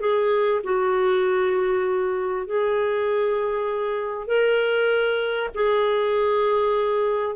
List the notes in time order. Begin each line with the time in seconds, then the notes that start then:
0.00 G#4
0.64 F#4
2.47 G#4
4.27 A#4
5.55 G#4